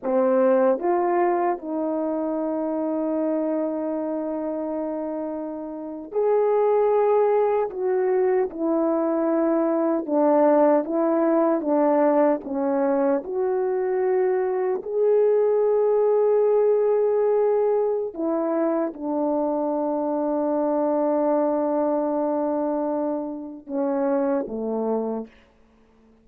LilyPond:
\new Staff \with { instrumentName = "horn" } { \time 4/4 \tempo 4 = 76 c'4 f'4 dis'2~ | dis'2.~ dis'8. gis'16~ | gis'4.~ gis'16 fis'4 e'4~ e'16~ | e'8. d'4 e'4 d'4 cis'16~ |
cis'8. fis'2 gis'4~ gis'16~ | gis'2. e'4 | d'1~ | d'2 cis'4 a4 | }